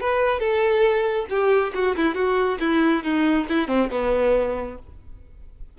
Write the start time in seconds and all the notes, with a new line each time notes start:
0.00 B4
0.39 A4
1.29 G4
1.74 F#4
1.96 E4
2.14 F#4
2.59 E4
3.03 D#4
3.48 E4
3.67 C4
3.91 B3